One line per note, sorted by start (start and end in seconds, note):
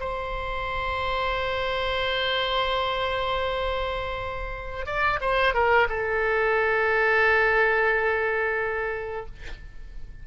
0.00 4.86 C5
4.86 5.20 D5
5.21 5.54 C5
5.54 5.88 A#4
5.89 9.26 A4